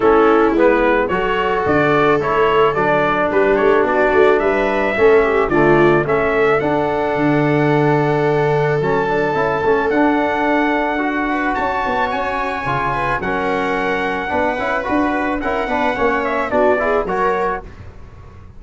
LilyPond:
<<
  \new Staff \with { instrumentName = "trumpet" } { \time 4/4 \tempo 4 = 109 a'4 b'4 cis''4 d''4 | cis''4 d''4 b'8 cis''8 d''4 | e''2 d''4 e''4 | fis''1 |
a''2 fis''2~ | fis''4 a''4 gis''2 | fis''2. b'4 | fis''4. e''8 d''4 cis''4 | }
  \new Staff \with { instrumentName = "viola" } { \time 4/4 e'2 a'2~ | a'2 g'4 fis'4 | b'4 a'8 g'8 f'4 a'4~ | a'1~ |
a'1~ | a'8 b'8 cis''2~ cis''8 b'8 | ais'2 b'2 | ais'8 b'8 cis''4 fis'8 gis'8 ais'4 | }
  \new Staff \with { instrumentName = "trombone" } { \time 4/4 cis'4 b4 fis'2 | e'4 d'2.~ | d'4 cis'4 a4 cis'4 | d'1 |
cis'8 d'8 e'8 cis'8 d'2 | fis'2. f'4 | cis'2 d'8 e'8 fis'4 | e'8 d'8 cis'4 d'8 e'8 fis'4 | }
  \new Staff \with { instrumentName = "tuba" } { \time 4/4 a4 gis4 fis4 d4 | a4 fis4 g8 a8 b8 a8 | g4 a4 d4 a4 | d'4 d2. |
fis4 cis'8 a8 d'2~ | d'4 cis'8 b8 cis'4 cis4 | fis2 b8 cis'8 d'4 | cis'8 b8 ais4 b4 fis4 | }
>>